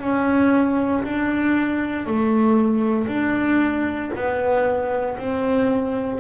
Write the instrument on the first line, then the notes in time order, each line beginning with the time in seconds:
double bass
0.00 C#4
1.03 D4
2.06 A3
3.08 D4
4.15 B3
5.18 C4